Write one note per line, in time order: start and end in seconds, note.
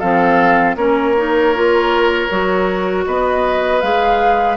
0.00 0.76 F3
0.00 0.78 C4
0.00 0.76 A4
0.00 0.76 F5
0.76 2.28 A#3
0.76 1.16 C#4
0.76 3.06 A#4
0.76 3.05 C#5
1.17 1.55 D#4
1.55 2.30 F4
2.30 3.07 F#3
2.30 3.82 F#4
3.06 3.83 B3
3.06 4.57 B4
3.06 3.81 D#5
3.81 4.57 G#3
3.81 4.57 G#4
3.81 4.57 F5